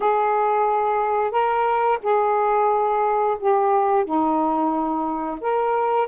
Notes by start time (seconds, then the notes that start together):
0.00 G#4
1.31 A#4
2.02 G#4
3.39 G4
4.04 D#4
5.41 A#4